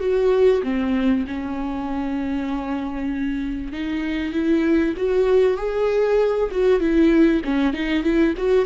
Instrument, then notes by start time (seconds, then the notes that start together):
viola
0.00 F#4
0.63 C4
1.27 C#4
3.72 D#4
4.32 E4
4.97 F#4
5.57 G#4
6.51 F#4
6.80 E4
7.44 C#4
7.73 D#4
8.03 E4
8.37 F#4